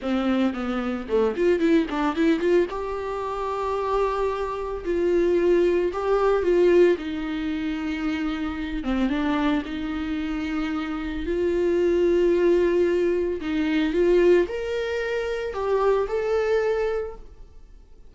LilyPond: \new Staff \with { instrumentName = "viola" } { \time 4/4 \tempo 4 = 112 c'4 b4 a8 f'8 e'8 d'8 | e'8 f'8 g'2.~ | g'4 f'2 g'4 | f'4 dis'2.~ |
dis'8 c'8 d'4 dis'2~ | dis'4 f'2.~ | f'4 dis'4 f'4 ais'4~ | ais'4 g'4 a'2 | }